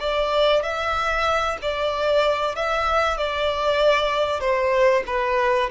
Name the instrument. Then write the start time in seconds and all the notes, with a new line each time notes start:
violin
0.00 D5
0.63 E5
1.62 D5
2.56 E5
3.18 D5
4.41 C5
5.07 B4